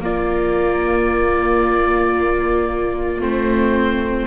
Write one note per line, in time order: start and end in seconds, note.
0.00 3.21 A#3
0.00 3.20 A#3
0.00 4.27 F4
0.00 3.22 D5
3.20 4.27 A3
3.20 4.27 C4
3.20 4.27 C5